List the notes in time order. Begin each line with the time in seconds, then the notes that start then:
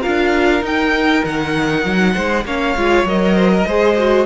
0.00 D4 F4 A#4 F5
0.61 D#4 G5
1.24 D#3 F#5
1.84 F#3
2.14 G#3 C5
2.44 A#3 C#4 C#5 F5
2.76 G#3 F4
3.04 F#3 A#4 D#5
3.35 C5
3.53 A#4
3.66 G#3 G#4 C5
3.97 F#4